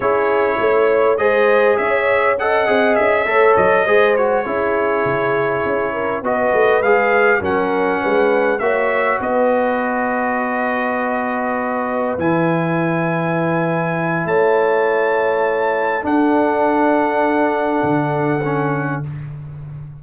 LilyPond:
<<
  \new Staff \with { instrumentName = "trumpet" } { \time 4/4 \tempo 4 = 101 cis''2 dis''4 e''4 | fis''4 e''4 dis''4 cis''4~ | cis''2~ cis''8 dis''4 f''8~ | f''8 fis''2 e''4 dis''8~ |
dis''1~ | dis''8 gis''2.~ gis''8 | a''2. fis''4~ | fis''1 | }
  \new Staff \with { instrumentName = "horn" } { \time 4/4 gis'4 cis''4 c''4 cis''4 | dis''4. cis''4 c''4 gis'8~ | gis'2 ais'8 b'4.~ | b'8 ais'4 b'4 cis''4 b'8~ |
b'1~ | b'1 | cis''2. a'4~ | a'1 | }
  \new Staff \with { instrumentName = "trombone" } { \time 4/4 e'2 gis'2 | a'8 gis'4 a'4 gis'8 fis'8 e'8~ | e'2~ e'8 fis'4 gis'8~ | gis'8 cis'2 fis'4.~ |
fis'1~ | fis'8 e'2.~ e'8~ | e'2. d'4~ | d'2. cis'4 | }
  \new Staff \with { instrumentName = "tuba" } { \time 4/4 cis'4 a4 gis4 cis'4~ | cis'8 c'8 cis'8 a8 fis8 gis4 cis'8~ | cis'8 cis4 cis'4 b8 a8 gis8~ | gis8 fis4 gis4 ais4 b8~ |
b1~ | b8 e2.~ e8 | a2. d'4~ | d'2 d2 | }
>>